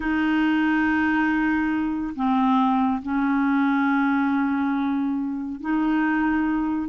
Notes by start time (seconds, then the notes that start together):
0.00 D#4
2.15 C4
3.02 C#4
5.60 D#4